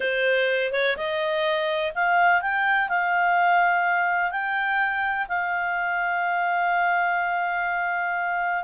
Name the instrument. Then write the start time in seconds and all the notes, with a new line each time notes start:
clarinet
0.00 C5
0.72 C#5
0.96 D#5
1.95 F5
2.41 G5
2.88 F5
4.31 G5
5.28 F5